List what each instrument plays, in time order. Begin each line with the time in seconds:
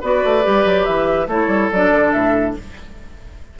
0.00 bassoon B3, clarinet F#4, oboe B4, flute D5
0.24 bassoon A3
0.43 bassoon G3, clarinet G4
0.65 bassoon F#3
0.85 bassoon E3, flute E5
1.27 bassoon A3, clarinet E4, oboe A4, flute C#5
1.47 bassoon G3
1.71 bassoon F#3, clarinet D4, flute D5
1.91 bassoon D3
2.12 bassoon A2, flute E5